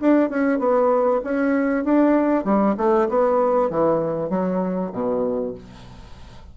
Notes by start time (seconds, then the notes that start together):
0.00 D4
0.30 C#4
0.59 B3
1.24 C#4
1.85 D4
2.45 G3
2.78 A3
3.09 B3
3.70 E3
4.30 F#3
4.93 B2